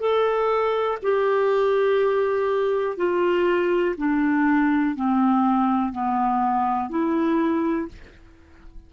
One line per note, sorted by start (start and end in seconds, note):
0.00 0.98 A4
1.02 2.97 G4
2.97 3.95 F4
3.97 4.95 D4
4.95 5.92 C4
5.92 6.90 B3
6.90 7.88 E4